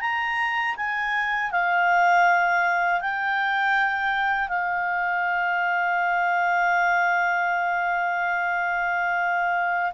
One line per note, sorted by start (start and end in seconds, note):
0.00 0.75 A#5
0.76 1.51 G#5
1.51 3.00 F5
3.00 4.48 G5
4.48 9.92 F5